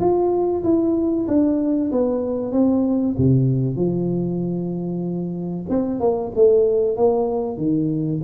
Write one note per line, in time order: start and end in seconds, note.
0.00 0.63 F4
0.64 1.27 E4
1.28 1.91 D4
1.91 2.52 B3
2.52 3.15 C4
3.18 3.76 C3
3.76 5.66 F3
5.69 6.00 C4
6.00 6.32 A#3
6.35 6.96 A3
6.96 7.57 A#3
7.57 8.20 D#3